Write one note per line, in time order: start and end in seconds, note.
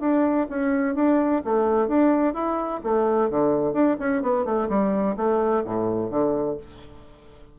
0.00 0.47 D4
0.49 0.95 C#4
0.95 1.42 D4
1.44 1.87 A3
1.87 2.34 D4
2.34 2.81 E4
2.83 3.30 A3
3.30 3.73 D3
3.73 3.96 D4
3.99 4.22 C#4
4.22 4.45 B3
4.45 4.68 A3
4.69 5.16 G3
5.16 5.63 A3
5.64 6.10 A2
6.10 6.57 D3